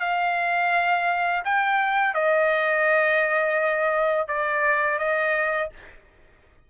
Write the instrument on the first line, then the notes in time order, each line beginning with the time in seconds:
trumpet
0.00 F5
1.45 G5
2.14 D#5
4.28 D5
4.99 D#5